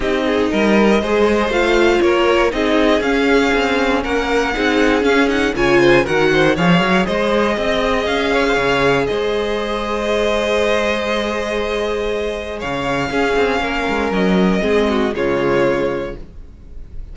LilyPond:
<<
  \new Staff \with { instrumentName = "violin" } { \time 4/4 \tempo 4 = 119 dis''2. f''4 | cis''4 dis''4 f''2 | fis''2 f''8 fis''8 gis''4 | fis''4 f''4 dis''2 |
f''2 dis''2~ | dis''1~ | dis''4 f''2. | dis''2 cis''2 | }
  \new Staff \with { instrumentName = "violin" } { \time 4/4 g'8 gis'8 ais'4 c''2 | ais'4 gis'2. | ais'4 gis'2 cis''8 c''8 | ais'8 c''8 cis''4 c''4 dis''4~ |
dis''8 cis''16 c''16 cis''4 c''2~ | c''1~ | c''4 cis''4 gis'4 ais'4~ | ais'4 gis'8 fis'8 f'2 | }
  \new Staff \with { instrumentName = "viola" } { \time 4/4 dis'2 gis'4 f'4~ | f'4 dis'4 cis'2~ | cis'4 dis'4 cis'8 dis'8 f'4 | fis'4 gis'2.~ |
gis'1~ | gis'1~ | gis'2 cis'2~ | cis'4 c'4 gis2 | }
  \new Staff \with { instrumentName = "cello" } { \time 4/4 c'4 g4 gis4 a4 | ais4 c'4 cis'4 c'4 | ais4 c'4 cis'4 cis4 | dis4 f8 fis8 gis4 c'4 |
cis'4 cis4 gis2~ | gis1~ | gis4 cis4 cis'8 c'8 ais8 gis8 | fis4 gis4 cis2 | }
>>